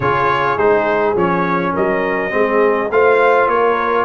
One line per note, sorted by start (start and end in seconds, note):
0.00 0.57 C#3
0.00 0.58 F4
0.00 1.73 G#4
0.00 0.57 C#5
0.57 1.15 G#3
0.57 1.16 D#4
0.57 1.16 C5
1.15 1.73 F3
1.15 2.30 C#4
1.15 1.75 C#5
1.73 2.33 F#3
1.73 2.31 A#4
1.73 2.91 D#5
2.30 2.90 G#3
2.30 2.88 C4
2.30 2.92 G#4
2.90 3.47 A3
2.90 4.05 F4
2.90 3.50 C5
2.90 3.49 F5
3.47 4.05 A#3
3.47 4.05 A#4
3.47 4.05 C#5